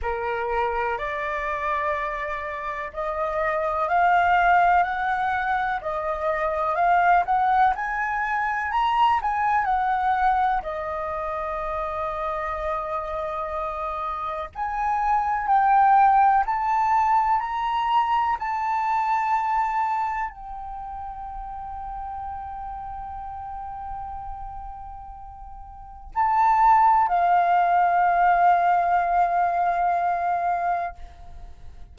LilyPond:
\new Staff \with { instrumentName = "flute" } { \time 4/4 \tempo 4 = 62 ais'4 d''2 dis''4 | f''4 fis''4 dis''4 f''8 fis''8 | gis''4 ais''8 gis''8 fis''4 dis''4~ | dis''2. gis''4 |
g''4 a''4 ais''4 a''4~ | a''4 g''2.~ | g''2. a''4 | f''1 | }